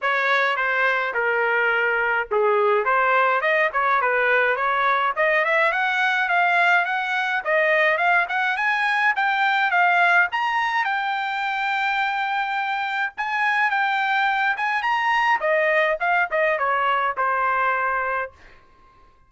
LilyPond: \new Staff \with { instrumentName = "trumpet" } { \time 4/4 \tempo 4 = 105 cis''4 c''4 ais'2 | gis'4 c''4 dis''8 cis''8 b'4 | cis''4 dis''8 e''8 fis''4 f''4 | fis''4 dis''4 f''8 fis''8 gis''4 |
g''4 f''4 ais''4 g''4~ | g''2. gis''4 | g''4. gis''8 ais''4 dis''4 | f''8 dis''8 cis''4 c''2 | }